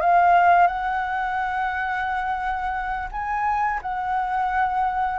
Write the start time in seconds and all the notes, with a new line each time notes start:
0.00 F5
0.67 F#5
3.11 G#5
3.82 F#5